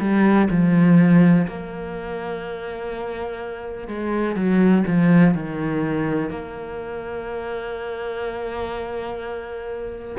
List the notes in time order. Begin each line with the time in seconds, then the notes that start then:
0.00 G3
0.50 F3
1.47 A#3
3.88 G#3
4.36 F#3
4.87 F3
5.34 D#3
6.30 A#3